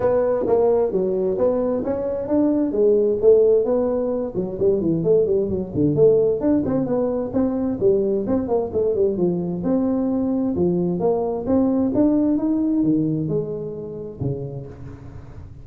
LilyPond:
\new Staff \with { instrumentName = "tuba" } { \time 4/4 \tempo 4 = 131 b4 ais4 fis4 b4 | cis'4 d'4 gis4 a4 | b4. fis8 g8 e8 a8 g8 | fis8 d8 a4 d'8 c'8 b4 |
c'4 g4 c'8 ais8 a8 g8 | f4 c'2 f4 | ais4 c'4 d'4 dis'4 | dis4 gis2 cis4 | }